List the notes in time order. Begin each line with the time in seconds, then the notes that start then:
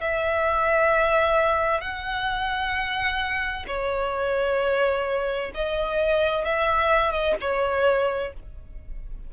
0.00 E5
1.80 F#5
3.67 C#5
5.54 D#5
6.44 E5
7.12 D#5
7.41 C#5